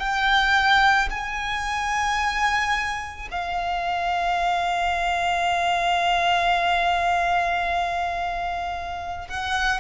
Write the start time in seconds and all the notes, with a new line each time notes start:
0.00 G5
1.11 G#5
3.32 F5
9.29 F#5